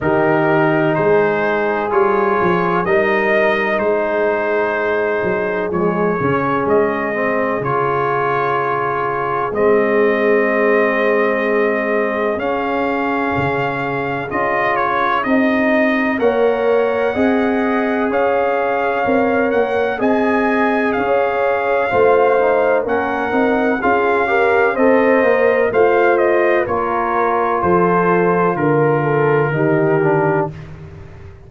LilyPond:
<<
  \new Staff \with { instrumentName = "trumpet" } { \time 4/4 \tempo 4 = 63 ais'4 c''4 cis''4 dis''4 | c''2 cis''4 dis''4 | cis''2 dis''2~ | dis''4 f''2 dis''8 cis''8 |
dis''4 fis''2 f''4~ | f''8 fis''8 gis''4 f''2 | fis''4 f''4 dis''4 f''8 dis''8 | cis''4 c''4 ais'2 | }
  \new Staff \with { instrumentName = "horn" } { \time 4/4 g'4 gis'2 ais'4 | gis'1~ | gis'1~ | gis'1~ |
gis'4 cis''4 dis''4 cis''4~ | cis''4 dis''4 cis''4 c''4 | ais'4 gis'8 ais'8 c''4 f'4 | ais'4 a'4 ais'8 a'8 g'4 | }
  \new Staff \with { instrumentName = "trombone" } { \time 4/4 dis'2 f'4 dis'4~ | dis'2 gis8 cis'4 c'8 | f'2 c'2~ | c'4 cis'2 f'4 |
dis'4 ais'4 gis'2 | ais'4 gis'2 f'8 dis'8 | cis'8 dis'8 f'8 g'8 a'8 ais'8 c''4 | f'2. dis'8 d'8 | }
  \new Staff \with { instrumentName = "tuba" } { \time 4/4 dis4 gis4 g8 f8 g4 | gis4. fis8 f8 cis8 gis4 | cis2 gis2~ | gis4 cis'4 cis4 cis'4 |
c'4 ais4 c'4 cis'4 | c'8 ais8 c'4 cis'4 a4 | ais8 c'8 cis'4 c'8 ais8 a4 | ais4 f4 d4 dis4 | }
>>